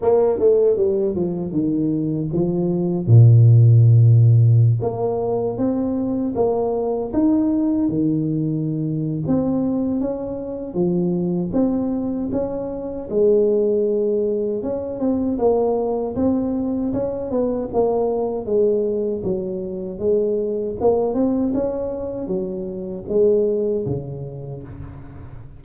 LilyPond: \new Staff \with { instrumentName = "tuba" } { \time 4/4 \tempo 4 = 78 ais8 a8 g8 f8 dis4 f4 | ais,2~ ais,16 ais4 c'8.~ | c'16 ais4 dis'4 dis4.~ dis16 | c'4 cis'4 f4 c'4 |
cis'4 gis2 cis'8 c'8 | ais4 c'4 cis'8 b8 ais4 | gis4 fis4 gis4 ais8 c'8 | cis'4 fis4 gis4 cis4 | }